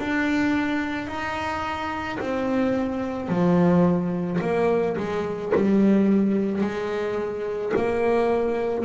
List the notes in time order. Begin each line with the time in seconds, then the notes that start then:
0.00 D4
1.08 D#4
2.20 C4
3.29 F3
4.41 A#3
4.97 G#3
5.56 G3
6.62 G#3
7.77 A#3